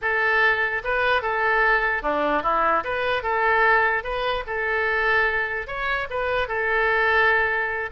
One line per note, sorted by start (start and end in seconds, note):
0.01 0.82 A4
0.84 1.21 B4
1.21 2.02 A4
2.02 2.43 D4
2.43 2.83 E4
2.84 3.22 B4
3.22 4.03 A4
4.03 4.44 B4
4.46 5.67 A4
5.67 6.07 C#5
6.10 6.48 B4
6.48 7.89 A4